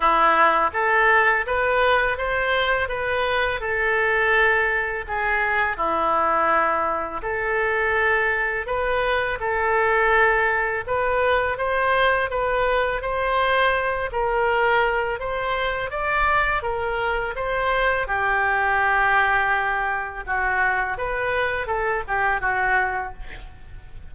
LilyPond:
\new Staff \with { instrumentName = "oboe" } { \time 4/4 \tempo 4 = 83 e'4 a'4 b'4 c''4 | b'4 a'2 gis'4 | e'2 a'2 | b'4 a'2 b'4 |
c''4 b'4 c''4. ais'8~ | ais'4 c''4 d''4 ais'4 | c''4 g'2. | fis'4 b'4 a'8 g'8 fis'4 | }